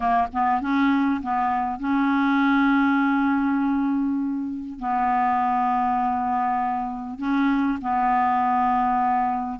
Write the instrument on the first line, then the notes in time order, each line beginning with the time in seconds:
clarinet
0.00 A#3
0.32 B3
0.61 C#4
1.22 B3
1.79 C#4
4.79 B3
7.18 C#4
7.81 B3